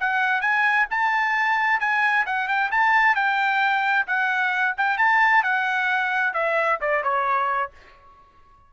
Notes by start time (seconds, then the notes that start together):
0.00 F#5
0.41 G#5
0.90 A5
1.80 G#5
2.26 F#5
2.48 G5
2.71 A5
3.15 G5
4.07 F#5
4.77 G5
4.98 A5
5.43 F#5
6.33 E5
6.81 D5
7.03 C#5